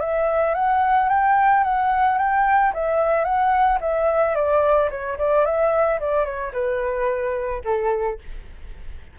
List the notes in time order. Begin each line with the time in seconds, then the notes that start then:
0.00 E5
0.54 F#5
1.09 G5
1.64 F#5
2.18 G5
2.74 E5
3.24 F#5
3.81 E5
4.35 D5
4.90 C#5
5.18 D5
5.45 E5
6.00 D5
6.25 C#5
6.53 B4
7.64 A4